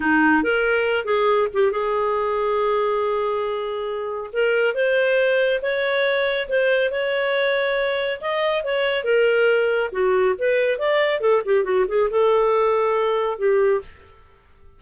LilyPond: \new Staff \with { instrumentName = "clarinet" } { \time 4/4 \tempo 4 = 139 dis'4 ais'4. gis'4 g'8 | gis'1~ | gis'2 ais'4 c''4~ | c''4 cis''2 c''4 |
cis''2. dis''4 | cis''4 ais'2 fis'4 | b'4 d''4 a'8 g'8 fis'8 gis'8 | a'2. g'4 | }